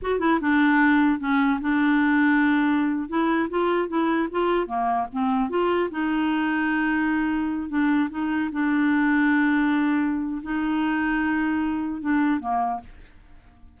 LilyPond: \new Staff \with { instrumentName = "clarinet" } { \time 4/4 \tempo 4 = 150 fis'8 e'8 d'2 cis'4 | d'2.~ d'8. e'16~ | e'8. f'4 e'4 f'4 ais16~ | ais8. c'4 f'4 dis'4~ dis'16~ |
dis'2.~ dis'16 d'8.~ | d'16 dis'4 d'2~ d'8.~ | d'2 dis'2~ | dis'2 d'4 ais4 | }